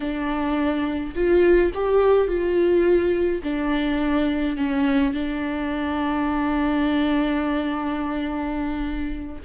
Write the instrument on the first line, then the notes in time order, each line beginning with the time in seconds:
viola
0.00 D4
1.15 F4
1.74 G4
2.27 F4
3.43 D4
4.56 C#4
5.13 D4